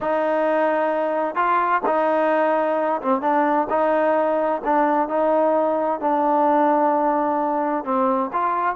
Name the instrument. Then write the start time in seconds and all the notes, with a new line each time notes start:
trombone
0.00 D#4
1.35 F4
1.86 D#4
3.01 C4
3.21 D4
3.69 D#4
4.64 D4
5.08 D#4
6.00 D4
7.84 C4
8.32 F4